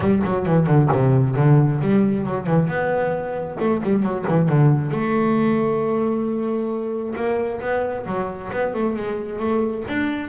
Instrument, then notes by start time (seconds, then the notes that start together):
double bass
0.00 G3
0.23 F#3
0.46 E3
0.66 D3
0.92 C3
1.35 D3
1.81 G3
2.25 F#3
2.46 E3
2.67 B3
3.59 A3
3.83 G3
4.03 F#3
4.28 E3
4.48 D3
4.90 A3
7.15 A#3
7.60 B3
8.06 F#3
8.52 B3
8.74 A3
8.96 G#3
9.39 A3
9.88 D4